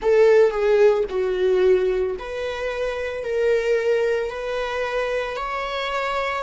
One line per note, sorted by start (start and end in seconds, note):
0.01 0.50 A4
0.50 1.04 G#4
1.09 2.16 F#4
2.18 3.23 B4
3.23 4.30 A#4
4.30 5.36 B4
5.36 6.43 C#5